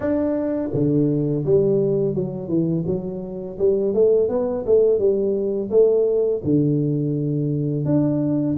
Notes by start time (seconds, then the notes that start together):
0.00 D4
0.73 D3
1.44 G3
2.14 F#3
2.48 E3
2.86 F#3
3.58 G3
3.94 A3
4.29 B3
4.66 A3
4.98 G3
5.70 A3
6.44 D3
7.85 D4